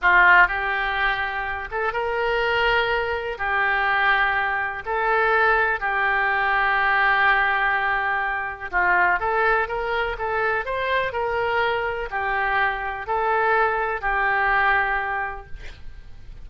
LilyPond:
\new Staff \with { instrumentName = "oboe" } { \time 4/4 \tempo 4 = 124 f'4 g'2~ g'8 a'8 | ais'2. g'4~ | g'2 a'2 | g'1~ |
g'2 f'4 a'4 | ais'4 a'4 c''4 ais'4~ | ais'4 g'2 a'4~ | a'4 g'2. | }